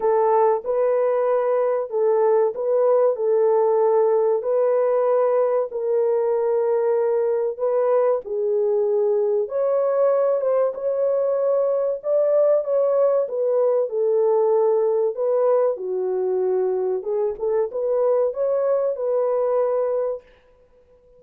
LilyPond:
\new Staff \with { instrumentName = "horn" } { \time 4/4 \tempo 4 = 95 a'4 b'2 a'4 | b'4 a'2 b'4~ | b'4 ais'2. | b'4 gis'2 cis''4~ |
cis''8 c''8 cis''2 d''4 | cis''4 b'4 a'2 | b'4 fis'2 gis'8 a'8 | b'4 cis''4 b'2 | }